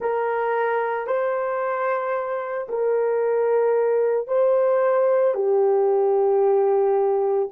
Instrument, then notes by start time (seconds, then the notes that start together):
horn
0.00 A#4
1.07 C5
2.68 A#4
4.27 C5
5.34 G4